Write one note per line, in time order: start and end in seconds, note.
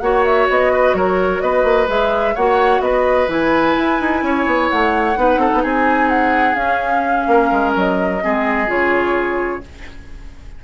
0.00 0.48 A#3
0.00 1.88 F#4
0.00 0.73 C#5
0.00 0.23 F#5
0.24 0.48 E5
0.49 0.94 B3
0.49 0.94 D#5
0.73 0.96 B4
0.94 1.40 F#3
0.94 1.42 A#4
0.94 1.41 C#5
1.41 1.63 B3
1.41 2.35 B4
1.41 1.87 D#5
1.63 1.87 A#3
1.88 2.35 G#3
1.88 2.35 G#4
1.88 2.36 E5
2.35 2.80 A#3
2.35 3.28 F#4
2.35 2.82 C#5
2.35 2.81 F#5
2.80 3.27 B3
2.80 4.24 B4
2.80 3.28 D#5
3.28 3.75 E3
3.28 5.15 E4
3.28 4.69 G#5
3.78 4.00 E4
4.00 4.22 D#4
4.22 4.46 C#4
4.22 5.19 C#5
4.46 4.69 B3
4.69 5.16 A3
4.69 5.63 F#5
5.16 5.37 B3
5.16 6.54 D#4
5.16 5.40 B4
5.37 5.49 C4
5.37 5.62 A4
5.53 5.64 B3
5.62 6.55 C4
5.62 7.27 G#4
5.62 6.09 G#5
6.09 6.55 F#5
6.54 8.18 C#4
6.54 7.25 C#4
6.54 7.72 F5
7.27 7.51 A#3
7.27 8.23 A#4
7.52 7.75 G#3
7.76 8.23 F#3
7.76 8.70 D#5
8.21 8.68 G#3
8.21 8.67 C4
8.21 9.64 G#4
8.67 9.62 C#3
8.67 9.61 F4
8.67 9.64 C#5